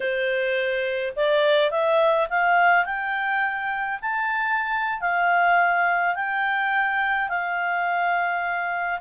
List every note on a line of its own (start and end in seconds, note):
0.00 1.13 C5
1.16 1.70 D5
1.70 2.28 E5
2.29 2.85 F5
2.85 3.99 G5
4.01 5.01 A5
5.01 6.15 F5
6.15 7.28 G5
7.28 9.00 F5